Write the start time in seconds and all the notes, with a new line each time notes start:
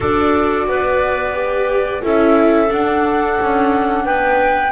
0.00 D4 F#4 A4 D5
0.66 B3 B4
1.33 G4
2.03 C#4 E4 A4 E5
2.68 D4 F#5
3.40 C#4
4.04 B3 B4 G5